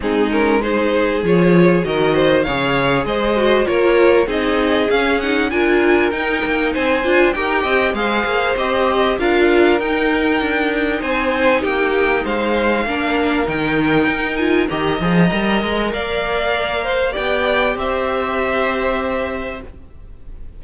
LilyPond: <<
  \new Staff \with { instrumentName = "violin" } { \time 4/4 \tempo 4 = 98 gis'8 ais'8 c''4 cis''4 dis''4 | f''4 dis''4 cis''4 dis''4 | f''8 fis''8 gis''4 g''4 gis''4 | g''4 f''4 dis''4 f''4 |
g''2 gis''4 g''4 | f''2 g''4. gis''8 | ais''2 f''2 | g''4 e''2. | }
  \new Staff \with { instrumentName = "violin" } { \time 4/4 dis'4 gis'2 ais'8 c''8 | cis''4 c''4 ais'4 gis'4~ | gis'4 ais'2 c''4 | ais'8 dis''8 c''2 ais'4~ |
ais'2 c''4 g'4 | c''4 ais'2. | dis''2 d''4. c''8 | d''4 c''2. | }
  \new Staff \with { instrumentName = "viola" } { \time 4/4 c'8 cis'8 dis'4 f'4 fis'4 | gis'4. fis'8 f'4 dis'4 | cis'8 dis'8 f'4 dis'4. f'8 | g'4 gis'4 g'4 f'4 |
dis'1~ | dis'4 d'4 dis'4. f'8 | g'8 gis'8 ais'2. | g'1 | }
  \new Staff \with { instrumentName = "cello" } { \time 4/4 gis2 f4 dis4 | cis4 gis4 ais4 c'4 | cis'4 d'4 dis'8 ais8 c'8 d'8 | dis'8 c'8 gis8 ais8 c'4 d'4 |
dis'4 d'4 c'4 ais4 | gis4 ais4 dis4 dis'4 | dis8 f8 g8 gis8 ais2 | b4 c'2. | }
>>